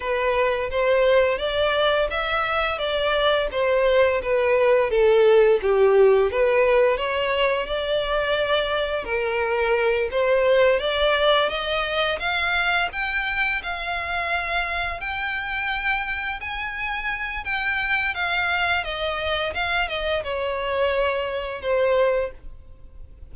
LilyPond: \new Staff \with { instrumentName = "violin" } { \time 4/4 \tempo 4 = 86 b'4 c''4 d''4 e''4 | d''4 c''4 b'4 a'4 | g'4 b'4 cis''4 d''4~ | d''4 ais'4. c''4 d''8~ |
d''8 dis''4 f''4 g''4 f''8~ | f''4. g''2 gis''8~ | gis''4 g''4 f''4 dis''4 | f''8 dis''8 cis''2 c''4 | }